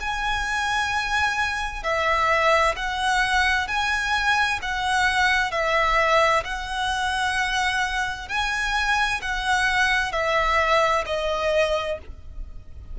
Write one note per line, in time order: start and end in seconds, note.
0.00 1.83 G#5
1.83 2.75 E5
2.76 3.67 F#5
3.67 4.59 G#5
4.62 5.51 F#5
5.51 6.43 E5
6.44 8.28 F#5
8.28 9.21 G#5
9.21 10.12 F#5
10.12 11.04 E5
11.06 11.98 D#5